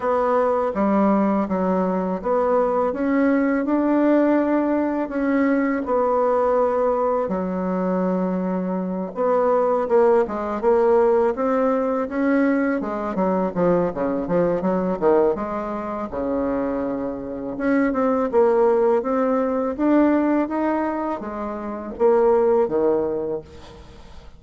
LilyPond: \new Staff \with { instrumentName = "bassoon" } { \time 4/4 \tempo 4 = 82 b4 g4 fis4 b4 | cis'4 d'2 cis'4 | b2 fis2~ | fis8 b4 ais8 gis8 ais4 c'8~ |
c'8 cis'4 gis8 fis8 f8 cis8 f8 | fis8 dis8 gis4 cis2 | cis'8 c'8 ais4 c'4 d'4 | dis'4 gis4 ais4 dis4 | }